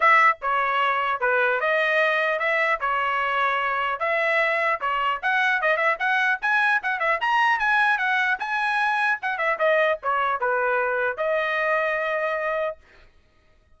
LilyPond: \new Staff \with { instrumentName = "trumpet" } { \time 4/4 \tempo 4 = 150 e''4 cis''2 b'4 | dis''2 e''4 cis''4~ | cis''2 e''2 | cis''4 fis''4 dis''8 e''8 fis''4 |
gis''4 fis''8 e''8 ais''4 gis''4 | fis''4 gis''2 fis''8 e''8 | dis''4 cis''4 b'2 | dis''1 | }